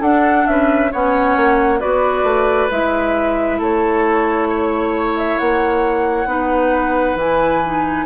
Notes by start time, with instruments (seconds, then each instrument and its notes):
0.00 bassoon D4, clarinet D4, oboe A4, flute F#5
0.47 bassoon C#4, oboe B4, flute E5
0.91 bassoon B3, clarinet C#4, oboe C#5, flute F#5
1.36 bassoon A#3
1.79 bassoon B3, clarinet F#4, oboe B4, flute D5
2.23 bassoon A3
2.71 bassoon G#3, clarinet E4, flute E5
3.58 bassoon A3, oboe A4, flute C#5
4.49 oboe C#5
5.17 flute E5
5.38 bassoon A#3, flute F#5
6.26 bassoon B3, clarinet D#4, oboe B4
7.15 bassoon E3, clarinet E4, flute G#5
7.65 clarinet D#4